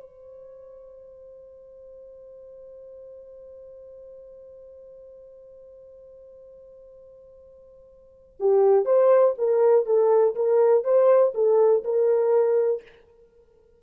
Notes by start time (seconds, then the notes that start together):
0.00 C5
8.39 G4
8.85 C5
9.38 A#4
9.85 A4
10.35 A#4
10.84 C5
11.34 A4
11.84 A#4